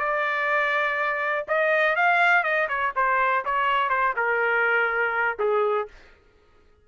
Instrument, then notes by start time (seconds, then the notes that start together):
trumpet
0.00 D5
1.48 D#5
1.96 F5
2.44 D#5
2.69 C#5
2.96 C5
3.45 C#5
3.90 C5
4.17 A#4
5.39 G#4